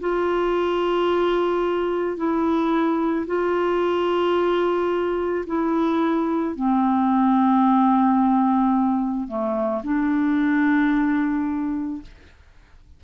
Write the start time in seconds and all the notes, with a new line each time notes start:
0.00 F4
2.17 E4
3.26 F4
5.46 E4
6.55 C4
9.27 A3
9.83 D4